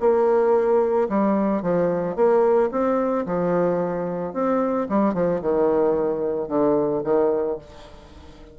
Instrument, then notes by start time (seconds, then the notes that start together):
bassoon
0.00 A#3
1.09 G3
1.62 F3
2.16 A#3
2.71 C4
3.26 F3
4.33 C4
4.89 G3
5.14 F3
5.41 D#3
6.48 D3
7.04 D#3